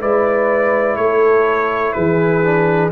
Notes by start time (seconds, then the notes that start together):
0.00 G#3 E4 B4 D5
0.97 A3 A4 C#5
1.93 E3 G#4 B4
2.43 D4